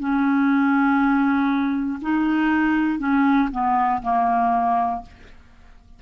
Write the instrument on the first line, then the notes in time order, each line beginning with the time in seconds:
clarinet
0.00 C#4
2.02 D#4
2.99 C#4
3.52 B3
4.03 A#3